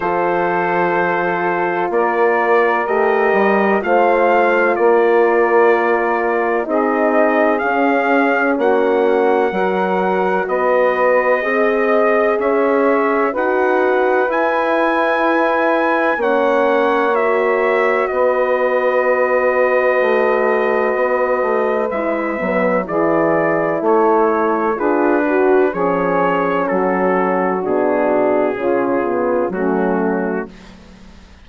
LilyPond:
<<
  \new Staff \with { instrumentName = "trumpet" } { \time 4/4 \tempo 4 = 63 c''2 d''4 dis''4 | f''4 d''2 dis''4 | f''4 fis''2 dis''4~ | dis''4 e''4 fis''4 gis''4~ |
gis''4 fis''4 e''4 dis''4~ | dis''2. e''4 | d''4 cis''4 b'4 cis''4 | a'4 gis'2 fis'4 | }
  \new Staff \with { instrumentName = "saxophone" } { \time 4/4 a'2 ais'2 | c''4 ais'2 gis'4~ | gis'4 fis'4 ais'4 b'4 | dis''4 cis''4 b'2~ |
b'4 cis''2 b'4~ | b'1 | gis'4 a'4 gis'8 fis'8 gis'4 | fis'2 f'4 cis'4 | }
  \new Staff \with { instrumentName = "horn" } { \time 4/4 f'2. g'4 | f'2. dis'4 | cis'2 fis'2 | gis'2 fis'4 e'4~ |
e'4 cis'4 fis'2~ | fis'2. e'8 b8 | e'2 f'8 fis'8 cis'4~ | cis'4 d'4 cis'8 b8 a4 | }
  \new Staff \with { instrumentName = "bassoon" } { \time 4/4 f2 ais4 a8 g8 | a4 ais2 c'4 | cis'4 ais4 fis4 b4 | c'4 cis'4 dis'4 e'4~ |
e'4 ais2 b4~ | b4 a4 b8 a8 gis8 fis8 | e4 a4 d'4 f4 | fis4 b,4 cis4 fis4 | }
>>